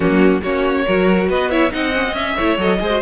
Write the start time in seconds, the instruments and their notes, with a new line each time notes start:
0.00 cello F#3, viola A#3, violin C#4 F#4
0.42 cello A#3, viola C#4, violin F#4 C#5
0.86 cello F#3, viola F#4, violin A#4
1.28 cello B3, violin B4 D#5
1.50 viola E4, violin C#5 E5
1.70 cello C4, viola D#4, violin D#5 F#5
1.95 viola C#4
2.08 viola C4, cello C#4
2.14 viola C#4, violin E5
2.36 cello A3, viola E4, violin C#5
2.57 cello F#3, viola A4, violin D#5
2.79 cello G#3, viola G#4, violin C5
2.89 viola F#4